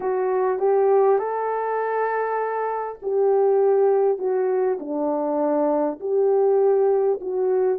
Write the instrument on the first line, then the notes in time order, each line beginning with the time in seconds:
horn
0.00 F#4
0.58 G4
1.18 A4
3.02 G4
4.18 F#4
4.79 D4
6.00 G4
7.20 F#4